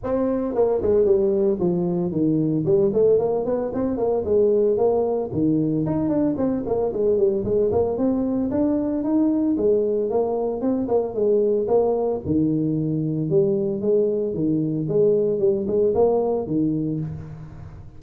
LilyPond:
\new Staff \with { instrumentName = "tuba" } { \time 4/4 \tempo 4 = 113 c'4 ais8 gis8 g4 f4 | dis4 g8 a8 ais8 b8 c'8 ais8 | gis4 ais4 dis4 dis'8 d'8 | c'8 ais8 gis8 g8 gis8 ais8 c'4 |
d'4 dis'4 gis4 ais4 | c'8 ais8 gis4 ais4 dis4~ | dis4 g4 gis4 dis4 | gis4 g8 gis8 ais4 dis4 | }